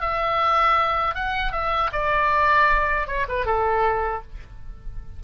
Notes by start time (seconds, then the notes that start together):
0.00 E5
1.14 F#5
1.52 E5
1.92 D5
3.07 C#5
3.28 B4
3.45 A4